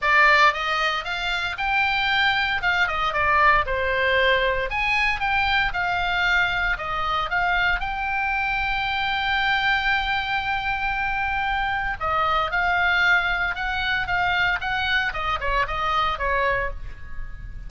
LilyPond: \new Staff \with { instrumentName = "oboe" } { \time 4/4 \tempo 4 = 115 d''4 dis''4 f''4 g''4~ | g''4 f''8 dis''8 d''4 c''4~ | c''4 gis''4 g''4 f''4~ | f''4 dis''4 f''4 g''4~ |
g''1~ | g''2. dis''4 | f''2 fis''4 f''4 | fis''4 dis''8 cis''8 dis''4 cis''4 | }